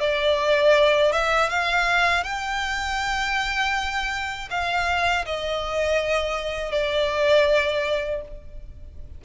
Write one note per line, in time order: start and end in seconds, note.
0.00 1.12 D5
1.12 1.50 E5
1.50 2.24 F5
2.24 4.49 G5
4.50 5.25 F5
5.26 6.71 D#5
6.71 8.21 D5